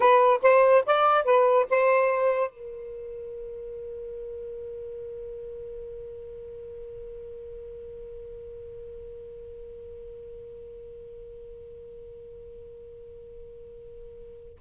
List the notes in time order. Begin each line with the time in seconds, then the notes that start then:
0.00 B4
0.42 C5
0.86 D5
1.24 B4
1.70 C5
2.50 A#4